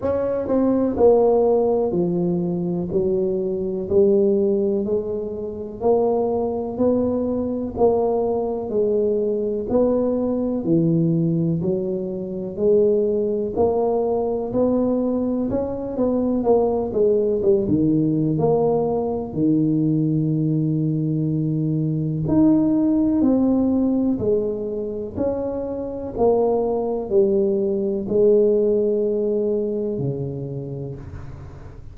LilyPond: \new Staff \with { instrumentName = "tuba" } { \time 4/4 \tempo 4 = 62 cis'8 c'8 ais4 f4 fis4 | g4 gis4 ais4 b4 | ais4 gis4 b4 e4 | fis4 gis4 ais4 b4 |
cis'8 b8 ais8 gis8 g16 dis8. ais4 | dis2. dis'4 | c'4 gis4 cis'4 ais4 | g4 gis2 cis4 | }